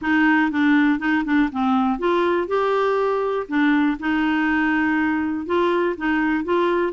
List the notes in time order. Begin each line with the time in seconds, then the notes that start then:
0.01 D#4
0.51 D4
0.99 D#4
1.24 D4
1.51 C4
1.98 F4
2.47 G4
3.47 D4
3.99 D#4
5.45 F4
5.97 D#4
6.44 F4